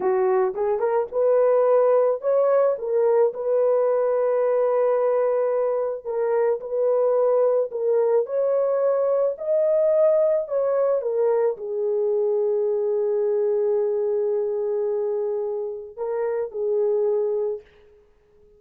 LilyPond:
\new Staff \with { instrumentName = "horn" } { \time 4/4 \tempo 4 = 109 fis'4 gis'8 ais'8 b'2 | cis''4 ais'4 b'2~ | b'2. ais'4 | b'2 ais'4 cis''4~ |
cis''4 dis''2 cis''4 | ais'4 gis'2.~ | gis'1~ | gis'4 ais'4 gis'2 | }